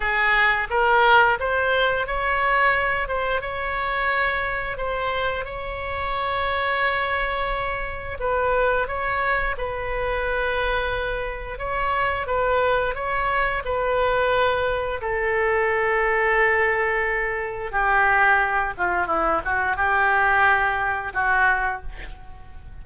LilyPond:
\new Staff \with { instrumentName = "oboe" } { \time 4/4 \tempo 4 = 88 gis'4 ais'4 c''4 cis''4~ | cis''8 c''8 cis''2 c''4 | cis''1 | b'4 cis''4 b'2~ |
b'4 cis''4 b'4 cis''4 | b'2 a'2~ | a'2 g'4. f'8 | e'8 fis'8 g'2 fis'4 | }